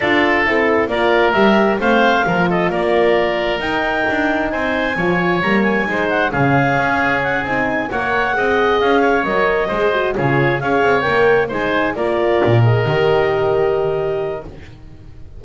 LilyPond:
<<
  \new Staff \with { instrumentName = "clarinet" } { \time 4/4 \tempo 4 = 133 d''4 a'4 d''4 e''4 | f''4. dis''8 d''2 | g''2 gis''2 | ais''8 gis''4 fis''8 f''2 |
fis''8 gis''4 fis''2 f''8~ | f''8 dis''2 cis''4 f''8~ | f''8 g''4 gis''4 d''4. | dis''1 | }
  \new Staff \with { instrumentName = "oboe" } { \time 4/4 a'2 ais'2 | c''4 ais'8 a'8 ais'2~ | ais'2 c''4 cis''4~ | cis''4 c''4 gis'2~ |
gis'4. cis''4 dis''4. | cis''4. c''4 gis'4 cis''8~ | cis''4. c''4 ais'4.~ | ais'1 | }
  \new Staff \with { instrumentName = "horn" } { \time 4/4 f'4 e'4 f'4 g'4 | c'4 f'2. | dis'2. f'4 | ais4 dis'4 cis'2~ |
cis'8 dis'4 ais'4 gis'4.~ | gis'8 ais'4 gis'8 fis'8 f'4 gis'8~ | gis'8 ais'4 dis'4 f'4. | gis'8 g'2.~ g'8 | }
  \new Staff \with { instrumentName = "double bass" } { \time 4/4 d'4 c'4 ais4 g4 | a4 f4 ais2 | dis'4 d'4 c'4 f4 | g4 gis4 cis4 cis'4~ |
cis'8 c'4 ais4 c'4 cis'8~ | cis'8 fis4 gis4 cis4 cis'8 | c'8 ais4 gis4 ais4 ais,8~ | ais,8 dis2.~ dis8 | }
>>